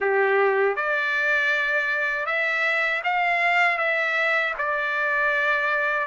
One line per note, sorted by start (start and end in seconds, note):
0.00 0.76 G4
0.76 2.25 D5
2.25 3.01 E5
3.03 3.78 F5
3.78 4.54 E5
4.57 6.07 D5